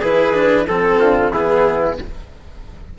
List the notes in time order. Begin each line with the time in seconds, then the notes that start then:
0.00 E3 E4 G#4 B4
0.34 D4
0.66 F3 C4 A4
1.00 D3 F4
1.30 E3 B3 E4 G#4